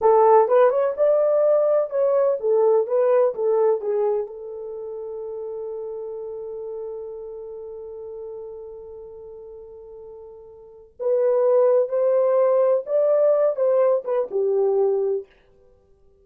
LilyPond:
\new Staff \with { instrumentName = "horn" } { \time 4/4 \tempo 4 = 126 a'4 b'8 cis''8 d''2 | cis''4 a'4 b'4 a'4 | gis'4 a'2.~ | a'1~ |
a'1~ | a'2. b'4~ | b'4 c''2 d''4~ | d''8 c''4 b'8 g'2 | }